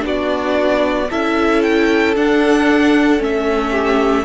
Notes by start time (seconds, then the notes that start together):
0.00 B3 D4 F#4 D5
1.10 C#4 E4 A4 E5
1.62 G5
2.15 D4 F#5
3.19 A3 C#4 E5
3.70 G4